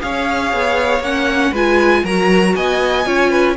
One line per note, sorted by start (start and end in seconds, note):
0.00 0.53 C#4
0.00 1.02 G#4
0.00 1.52 C#5
0.00 1.03 F5
0.53 1.00 B3
1.00 1.51 A#3
1.00 1.54 C#4
1.00 1.54 F#5
1.52 2.03 G#3
1.52 2.05 F4
1.52 2.03 B4
1.52 2.06 G#5
2.04 2.55 F#3
2.04 3.06 F#4
2.04 2.55 A#4
2.04 2.56 A#5
2.56 3.06 B3
2.56 3.07 D#5
2.56 3.57 G#5
3.06 3.57 C#4
3.06 3.56 F4
3.06 3.30 C#5
3.30 3.55 B4